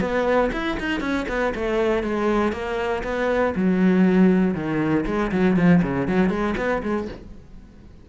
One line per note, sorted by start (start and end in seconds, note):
0.00 0.50 B3
0.52 0.77 E4
0.80 1.00 D#4
1.00 1.25 C#4
1.28 1.53 B3
1.54 2.03 A3
2.03 2.52 G#3
2.52 3.02 A#3
3.03 3.54 B3
3.55 4.54 F#3
4.54 5.04 D#3
5.06 5.31 G#3
5.31 5.56 F#3
5.56 5.81 F3
5.82 6.07 C#3
6.07 6.29 F#3
6.29 6.55 G#3
6.57 6.82 B3
6.83 7.08 G#3